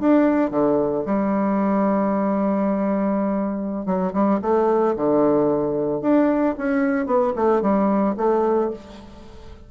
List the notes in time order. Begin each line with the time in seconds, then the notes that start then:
0.00 D4
0.51 D3
1.06 G3
3.86 F#3
4.13 G3
4.42 A3
4.97 D3
6.02 D4
6.58 C#4
7.07 B3
7.36 A3
7.62 G3
8.17 A3